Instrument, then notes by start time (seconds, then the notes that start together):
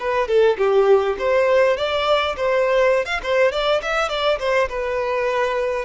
violin
0.00 B4
0.28 A4
0.58 G4
1.19 C5
1.77 D5
2.37 C5
3.06 F5
3.24 C5
3.52 D5
3.83 E5
4.09 D5
4.39 C5
4.69 B4